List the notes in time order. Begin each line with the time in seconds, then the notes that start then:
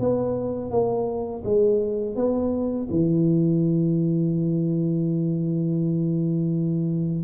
0.00 B3
0.71 A#3
1.45 G#3
2.16 B3
2.90 E3